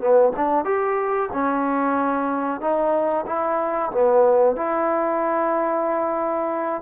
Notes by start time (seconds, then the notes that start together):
0.00 B3
0.36 D4
0.65 G4
1.32 C#4
2.60 D#4
3.26 E4
3.91 B3
4.56 E4